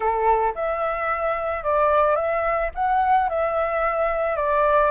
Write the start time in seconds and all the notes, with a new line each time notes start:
0.00 A4
0.55 E5
1.63 D5
2.15 E5
2.74 F#5
3.29 E5
4.36 D5